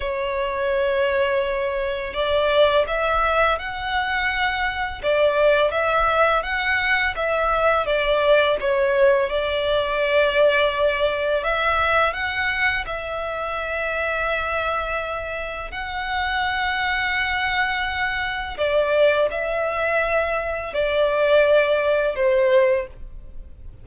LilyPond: \new Staff \with { instrumentName = "violin" } { \time 4/4 \tempo 4 = 84 cis''2. d''4 | e''4 fis''2 d''4 | e''4 fis''4 e''4 d''4 | cis''4 d''2. |
e''4 fis''4 e''2~ | e''2 fis''2~ | fis''2 d''4 e''4~ | e''4 d''2 c''4 | }